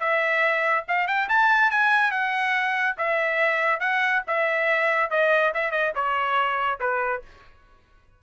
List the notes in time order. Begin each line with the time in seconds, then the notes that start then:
0.00 E5
0.88 F5
1.07 G5
1.29 A5
1.71 G#5
2.11 F#5
2.97 E5
3.80 F#5
4.27 E5
5.10 D#5
5.54 E5
5.71 D#5
5.95 C#5
6.80 B4